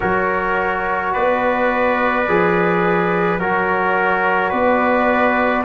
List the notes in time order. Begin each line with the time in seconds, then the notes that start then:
0.00 F#3 F#4 A#4 C#5
1.12 B3 B4 D5
2.28 F3 G#4
3.39 F#3 F#4 A#4 C#5
4.49 B3 B4 D5